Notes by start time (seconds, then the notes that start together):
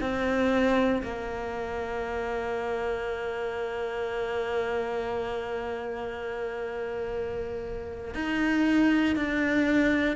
0.00 C4
1.03 A#3
8.14 D#4
9.16 D4